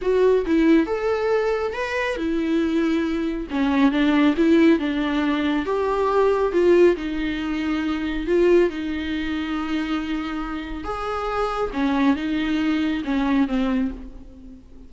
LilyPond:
\new Staff \with { instrumentName = "viola" } { \time 4/4 \tempo 4 = 138 fis'4 e'4 a'2 | b'4 e'2. | cis'4 d'4 e'4 d'4~ | d'4 g'2 f'4 |
dis'2. f'4 | dis'1~ | dis'4 gis'2 cis'4 | dis'2 cis'4 c'4 | }